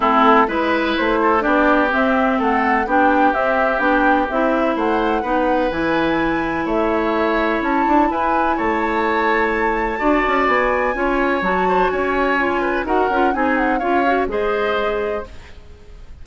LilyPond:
<<
  \new Staff \with { instrumentName = "flute" } { \time 4/4 \tempo 4 = 126 a'4 b'4 c''4 d''4 | e''4 fis''4 g''4 e''4 | g''4 e''4 fis''2 | gis''2 e''2 |
a''4 gis''4 a''2~ | a''2 gis''2 | a''4 gis''2 fis''4 | gis''8 fis''8 f''4 dis''2 | }
  \new Staff \with { instrumentName = "oboe" } { \time 4/4 e'4 b'4. a'8 g'4~ | g'4 a'4 g'2~ | g'2 c''4 b'4~ | b'2 cis''2~ |
cis''4 b'4 cis''2~ | cis''4 d''2 cis''4~ | cis''8 c''8 cis''4. b'8 ais'4 | gis'4 cis''4 c''2 | }
  \new Staff \with { instrumentName = "clarinet" } { \time 4/4 c'4 e'2 d'4 | c'2 d'4 c'4 | d'4 e'2 dis'4 | e'1~ |
e'1~ | e'4 fis'2 f'4 | fis'2 f'4 fis'8 f'8 | dis'4 f'8 fis'8 gis'2 | }
  \new Staff \with { instrumentName = "bassoon" } { \time 4/4 a4 gis4 a4 b4 | c'4 a4 b4 c'4 | b4 c'4 a4 b4 | e2 a2 |
cis'8 d'8 e'4 a2~ | a4 d'8 cis'8 b4 cis'4 | fis4 cis'2 dis'8 cis'8 | c'4 cis'4 gis2 | }
>>